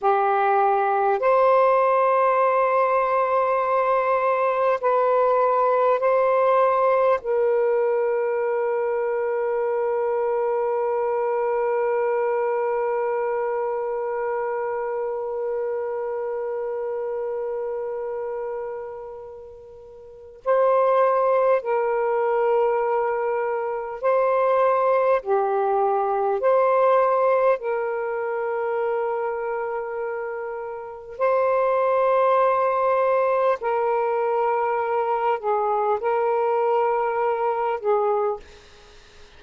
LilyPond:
\new Staff \with { instrumentName = "saxophone" } { \time 4/4 \tempo 4 = 50 g'4 c''2. | b'4 c''4 ais'2~ | ais'1~ | ais'1~ |
ais'4 c''4 ais'2 | c''4 g'4 c''4 ais'4~ | ais'2 c''2 | ais'4. gis'8 ais'4. gis'8 | }